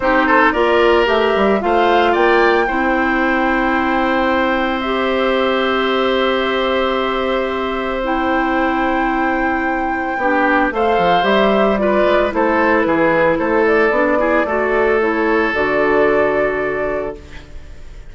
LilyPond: <<
  \new Staff \with { instrumentName = "flute" } { \time 4/4 \tempo 4 = 112 c''4 d''4 e''4 f''4 | g''1~ | g''4 e''2.~ | e''2. g''4~ |
g''1 | f''4 e''4 d''4 c''4 | b'4 c''8 d''2~ d''8 | cis''4 d''2. | }
  \new Staff \with { instrumentName = "oboe" } { \time 4/4 g'8 a'8 ais'2 c''4 | d''4 c''2.~ | c''1~ | c''1~ |
c''2. g'4 | c''2 b'4 a'4 | gis'4 a'4. gis'8 a'4~ | a'1 | }
  \new Staff \with { instrumentName = "clarinet" } { \time 4/4 dis'4 f'4 g'4 f'4~ | f'4 e'2.~ | e'4 g'2.~ | g'2. e'4~ |
e'2. d'4 | a'4 g'4 f'4 e'4~ | e'2 d'8 e'8 fis'4 | e'4 fis'2. | }
  \new Staff \with { instrumentName = "bassoon" } { \time 4/4 c'4 ais4 a8 g8 a4 | ais4 c'2.~ | c'1~ | c'1~ |
c'2. b4 | a8 f8 g4. gis8 a4 | e4 a4 b4 a4~ | a4 d2. | }
>>